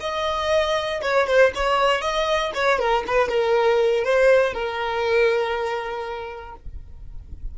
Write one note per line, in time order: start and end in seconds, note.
0.00 1.01 D#5
1.02 1.27 C#5
1.27 1.52 C5
1.55 2.01 C#5
2.01 2.52 D#5
2.54 2.79 C#5
2.79 3.04 A#4
3.07 3.29 B4
3.29 4.04 A#4
4.04 4.54 C5
4.54 6.55 A#4